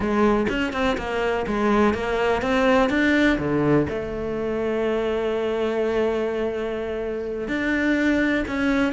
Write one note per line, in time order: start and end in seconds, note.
0.00 0.47 G#3
0.49 0.72 C#4
0.72 0.97 C4
0.97 1.46 A#3
1.46 1.94 G#3
1.94 2.42 A#3
2.42 2.89 C4
2.89 3.38 D4
3.38 3.86 D3
3.89 7.48 A3
7.48 8.45 D4
8.47 8.93 C#4